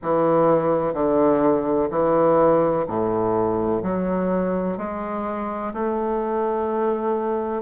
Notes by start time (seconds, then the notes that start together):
0.02 E3
0.93 D3
1.90 E3
2.87 A2
3.82 F#3
4.77 G#3
5.73 A3